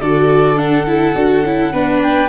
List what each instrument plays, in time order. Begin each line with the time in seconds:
0.00 tuba D3, viola F#4, violin A4, flute D5
0.56 viola D4, flute F#5
0.86 viola E4
1.15 tuba D4, viola F#4
1.43 tuba C#4, viola E4
1.72 tuba B3, viola D4, violin B4
2.02 flute G5